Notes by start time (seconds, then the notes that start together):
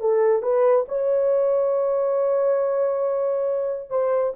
0.00 A4
0.42 B4
0.88 C#5
3.90 C5